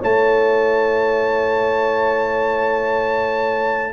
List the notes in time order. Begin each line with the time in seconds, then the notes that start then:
0.00 A3 E4 C#5 A5